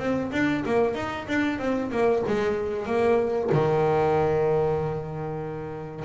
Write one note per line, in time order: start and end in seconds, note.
0.00 0.32 C4
0.32 0.64 D4
0.66 0.95 A#3
0.95 1.27 D#4
1.28 1.60 D4
1.60 1.91 C4
1.92 2.24 A#3
2.28 2.87 G#3
2.87 3.50 A#3
3.53 6.05 D#3